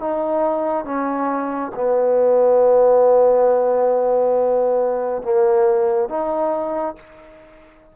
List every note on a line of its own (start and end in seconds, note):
0.00 0.85 D#4
0.85 1.72 C#4
1.75 5.23 B3
5.23 6.09 A#3
6.09 6.96 D#4